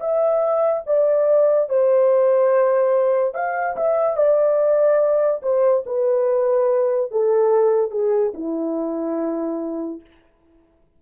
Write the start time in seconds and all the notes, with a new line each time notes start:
0.00 E5
0.86 D5
1.69 C5
3.34 F5
3.77 E5
4.17 D5
5.42 C5
5.86 B4
7.11 A4
7.91 G#4
8.34 E4